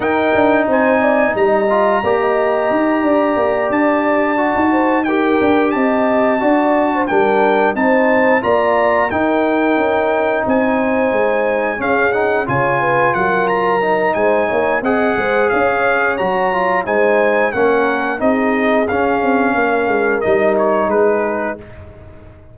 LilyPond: <<
  \new Staff \with { instrumentName = "trumpet" } { \time 4/4 \tempo 4 = 89 g''4 gis''4 ais''2~ | ais''4. a''2 g''8~ | g''8 a''2 g''4 a''8~ | a''8 ais''4 g''2 gis''8~ |
gis''4. f''8 fis''8 gis''4 fis''8 | ais''4 gis''4 fis''4 f''4 | ais''4 gis''4 fis''4 dis''4 | f''2 dis''8 cis''8 b'4 | }
  \new Staff \with { instrumentName = "horn" } { \time 4/4 ais'4 c''8 d''8 dis''4 d''16 dis''8.~ | dis''8 d''2~ d''8 c''8 ais'8~ | ais'8 dis''4 d''8. c''16 ais'4 c''8~ | c''8 d''4 ais'2 c''8~ |
c''4. gis'4 cis''8 b'8 ais'8~ | ais'4 c''8 cis''8 dis''8 c''8 cis''4~ | cis''4 c''4 ais'4 gis'4~ | gis'4 ais'2 gis'4 | }
  \new Staff \with { instrumentName = "trombone" } { \time 4/4 dis'2~ dis'8 f'8 g'4~ | g'2~ g'8 fis'4 g'8~ | g'4. fis'4 d'4 dis'8~ | dis'8 f'4 dis'2~ dis'8~ |
dis'4. cis'8 dis'8 f'4.~ | f'8 dis'4. gis'2 | fis'8 f'8 dis'4 cis'4 dis'4 | cis'2 dis'2 | }
  \new Staff \with { instrumentName = "tuba" } { \time 4/4 dis'8 d'8 c'4 g4 ais4 | dis'8 d'8 ais8 d'4~ d'16 dis'4~ dis'16 | d'8 c'4 d'4 g4 c'8~ | c'8 ais4 dis'4 cis'4 c'8~ |
c'8 gis4 cis'4 cis4 fis8~ | fis4 gis8 ais8 c'8 gis8 cis'4 | fis4 gis4 ais4 c'4 | cis'8 c'8 ais8 gis8 g4 gis4 | }
>>